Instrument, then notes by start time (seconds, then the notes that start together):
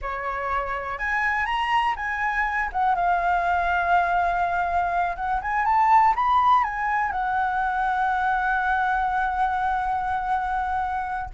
flute
0.01 C#5
0.98 G#5
1.45 A#5
1.96 G#5
2.72 F#5
2.95 F5
5.16 F#5
5.41 G#5
5.65 A5
6.15 B5
6.63 G#5
7.11 F#5